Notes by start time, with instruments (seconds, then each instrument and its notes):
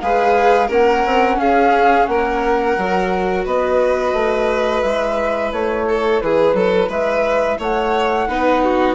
0.00 bassoon G#3, viola G#4, violin B4, flute F5
0.67 bassoon A#3, viola C#4, violin A#4, flute F#5
1.05 bassoon C4
1.37 bassoon C#4, violin G#4, flute F5
2.05 bassoon A#3, violin A#4, flute F#5
2.77 bassoon F#3, viola F#4
3.44 bassoon B3, violin B4, flute D#5
4.12 bassoon A3
4.82 bassoon G#3, viola E4, flute E5
5.52 bassoon A3, flute C#5
5.88 violin A4
6.21 bassoon E3, violin G#4, flute B4
6.53 bassoon F#3, violin A4
6.88 bassoon G#3, violin B4, flute E5
7.58 bassoon A3, violin C#5, flute F#5
8.28 bassoon B3, viola D#4, violin B4
8.64 violin F#4